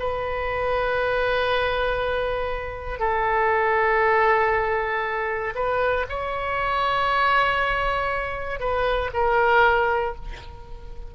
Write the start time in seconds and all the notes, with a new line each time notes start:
0.00 B4
3.00 A4
5.56 B4
6.10 C#5
8.60 B4
9.14 A#4